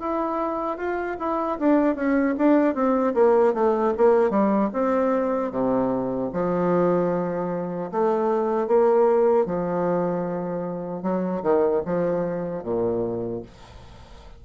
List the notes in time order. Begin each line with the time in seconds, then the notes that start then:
0.00 E4
0.78 F4
1.19 E4
1.60 D4
1.96 C#4
2.38 D4
2.75 C4
3.15 A#3
3.54 A3
3.98 A#3
4.31 G3
4.74 C4
5.52 C3
6.34 F3
7.92 A3
8.68 A#3
9.46 F3
11.03 F#3
11.43 D#3
11.86 F3
12.64 A#2